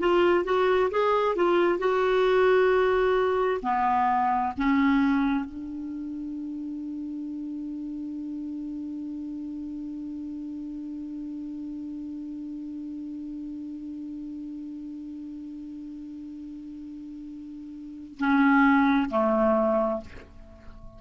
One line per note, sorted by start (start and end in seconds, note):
0.00 0.45 F4
0.45 0.90 F#4
0.91 1.36 G#4
1.36 1.79 F4
1.79 3.61 F#4
3.63 4.54 B3
4.57 5.45 C#4
5.45 18.18 D4
18.19 19.10 C#4
19.10 20.01 A3